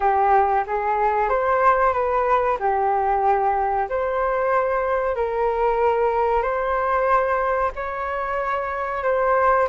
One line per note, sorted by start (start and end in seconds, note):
0.00 0.64 G4
0.67 1.29 G#4
1.29 1.93 C5
1.93 2.57 B4
2.59 3.88 G4
3.89 5.15 C5
5.15 6.42 A#4
6.42 7.71 C5
7.75 9.03 C#5
9.03 9.67 C5